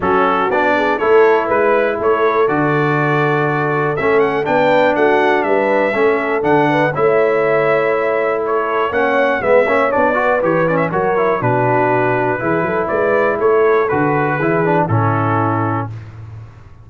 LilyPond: <<
  \new Staff \with { instrumentName = "trumpet" } { \time 4/4 \tempo 4 = 121 a'4 d''4 cis''4 b'4 | cis''4 d''2. | e''8 fis''8 g''4 fis''4 e''4~ | e''4 fis''4 e''2~ |
e''4 cis''4 fis''4 e''4 | d''4 cis''8 d''16 e''16 cis''4 b'4~ | b'2 d''4 cis''4 | b'2 a'2 | }
  \new Staff \with { instrumentName = "horn" } { \time 4/4 fis'4. gis'8 a'4 b'4 | a'1~ | a'4 b'4 fis'4 b'4 | a'4. b'8 cis''2~ |
cis''4 a'4 cis''4 b'8 cis''8~ | cis''8 b'4. ais'4 fis'4~ | fis'4 gis'8 a'8 b'4 a'4~ | a'4 gis'4 e'2 | }
  \new Staff \with { instrumentName = "trombone" } { \time 4/4 cis'4 d'4 e'2~ | e'4 fis'2. | cis'4 d'2. | cis'4 d'4 e'2~ |
e'2 cis'4 b8 cis'8 | d'8 fis'8 g'8 cis'8 fis'8 e'8 d'4~ | d'4 e'2. | fis'4 e'8 d'8 cis'2 | }
  \new Staff \with { instrumentName = "tuba" } { \time 4/4 fis4 b4 a4 gis4 | a4 d2. | a4 b4 a4 g4 | a4 d4 a2~ |
a2 ais4 gis8 ais8 | b4 e4 fis4 b,4~ | b,4 e8 fis8 gis4 a4 | d4 e4 a,2 | }
>>